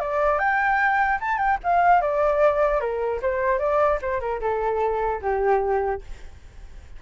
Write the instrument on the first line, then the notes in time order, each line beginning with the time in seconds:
flute
0.00 D5
0.39 G5
1.21 A5
1.38 G5
1.63 F5
2.01 D5
2.80 A#4
3.22 C5
3.59 D5
4.02 C5
4.20 A#4
4.41 A4
5.22 G4